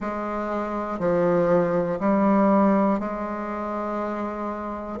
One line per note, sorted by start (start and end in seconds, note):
0.00 0.99 G#3
0.99 1.99 F3
2.00 3.00 G3
3.00 5.00 G#3